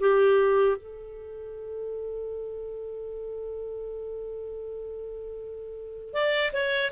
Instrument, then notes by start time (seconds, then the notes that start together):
clarinet
0.00 G4
0.77 A4
6.13 D5
6.53 C#5